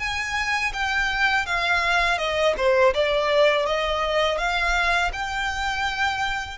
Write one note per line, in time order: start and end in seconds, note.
0.00 0.73 G#5
0.74 1.47 G5
1.47 2.19 F5
2.19 2.55 D#5
2.57 2.94 C5
2.95 3.67 D5
3.67 4.39 D#5
4.39 5.12 F5
5.13 6.59 G5